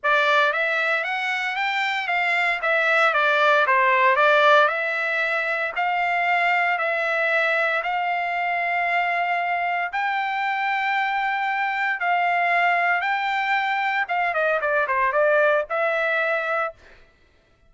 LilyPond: \new Staff \with { instrumentName = "trumpet" } { \time 4/4 \tempo 4 = 115 d''4 e''4 fis''4 g''4 | f''4 e''4 d''4 c''4 | d''4 e''2 f''4~ | f''4 e''2 f''4~ |
f''2. g''4~ | g''2. f''4~ | f''4 g''2 f''8 dis''8 | d''8 c''8 d''4 e''2 | }